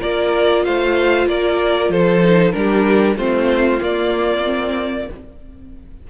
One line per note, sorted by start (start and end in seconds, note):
0.00 0.67 A#3
0.00 2.21 F4
0.00 0.63 A#4
0.00 0.65 D5
0.65 1.26 A3
0.65 1.29 C5
0.65 1.28 F5
1.26 1.89 A#3
1.26 1.92 A#4
1.26 1.92 D5
1.89 2.52 F3
1.89 2.55 A4
1.89 2.52 C5
2.24 2.53 D#4
2.52 3.16 G3
2.52 3.16 D4
2.52 3.18 G4
2.52 3.15 A#4
3.16 3.79 A3
3.16 3.80 C4
3.16 5.07 F4
3.16 3.81 C5
3.80 4.44 A#3
3.80 5.09 A#3
3.80 5.10 D5
4.45 5.08 C4